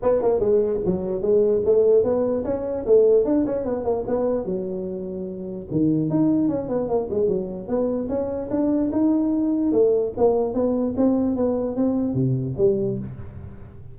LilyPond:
\new Staff \with { instrumentName = "tuba" } { \time 4/4 \tempo 4 = 148 b8 ais8 gis4 fis4 gis4 | a4 b4 cis'4 a4 | d'8 cis'8 b8 ais8 b4 fis4~ | fis2 dis4 dis'4 |
cis'8 b8 ais8 gis8 fis4 b4 | cis'4 d'4 dis'2 | a4 ais4 b4 c'4 | b4 c'4 c4 g4 | }